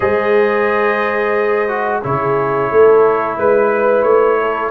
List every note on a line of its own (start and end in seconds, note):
0.00 2.02 G#3
0.00 1.68 G#4
0.00 2.01 C5
0.00 2.01 D#5
1.68 2.02 F#4
2.03 2.70 C#3
2.03 4.70 E4
2.03 2.70 G#4
2.03 3.37 C#5
2.70 3.37 A3
2.70 3.37 A4
3.37 4.03 G#3
3.37 4.03 B4
3.37 4.38 B4
4.03 4.70 A3
4.03 4.70 C#5
4.40 4.70 A4